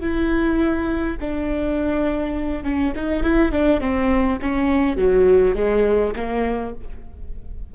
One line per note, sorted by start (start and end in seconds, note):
0.00 1.17 E4
1.20 2.63 D4
2.63 2.93 C#4
2.95 3.23 D#4
3.23 3.52 E4
3.52 3.80 D4
3.80 4.38 C4
4.41 4.97 C#4
4.97 5.55 F#3
5.55 6.13 G#3
6.16 6.74 A#3